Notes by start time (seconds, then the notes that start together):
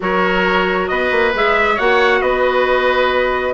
0.00 F#3 F#4 A#4 C#5
0.87 B3 B4 D#5
1.11 A#3
1.34 G#3 G#4 E5
1.74 A#3 F#4 C#5 F#5
2.21 B3 B4 D#5